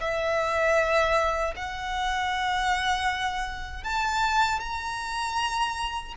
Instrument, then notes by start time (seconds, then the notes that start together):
violin
0.00 E5
1.56 F#5
3.83 A5
4.60 A#5